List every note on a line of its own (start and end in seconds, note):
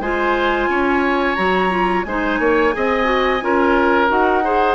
0.00 0.68 G#3
0.00 1.37 F4
0.00 0.69 C5
0.00 1.35 G#5
0.68 1.37 C#4
0.68 2.06 C#5
1.35 2.05 F#3
1.35 1.70 F#4
1.35 2.04 A#5
1.70 2.05 F4
2.04 2.39 G#3
2.04 2.72 D#4
2.04 2.40 C5
2.04 4.08 G#5
2.39 2.73 A#3
2.39 2.74 C#5
2.72 3.42 C4
2.72 3.04 G#4
2.72 3.44 D#5
3.04 3.38 F#4
3.42 4.10 C#4
3.42 4.08 F4
3.42 4.44 A#4
4.08 4.75 D#4
4.08 4.42 F#4
4.08 4.75 F#5
4.44 4.75 G#4
4.44 4.75 C5